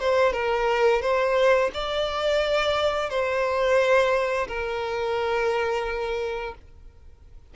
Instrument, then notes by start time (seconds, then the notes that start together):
violin
0.00 C5
0.33 A#4
1.02 C5
1.74 D5
3.10 C5
4.48 A#4